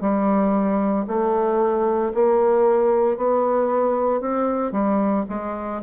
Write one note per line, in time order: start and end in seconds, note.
0.00 1.05 G3
1.07 2.12 A3
2.14 3.17 A#3
3.17 4.20 B3
4.20 4.72 C4
4.72 5.24 G3
5.29 5.81 G#3